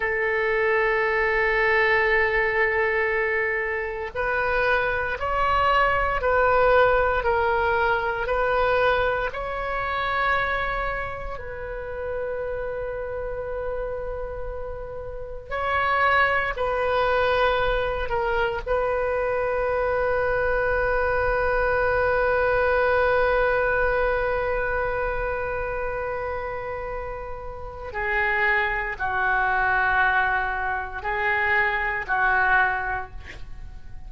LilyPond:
\new Staff \with { instrumentName = "oboe" } { \time 4/4 \tempo 4 = 58 a'1 | b'4 cis''4 b'4 ais'4 | b'4 cis''2 b'4~ | b'2. cis''4 |
b'4. ais'8 b'2~ | b'1~ | b'2. gis'4 | fis'2 gis'4 fis'4 | }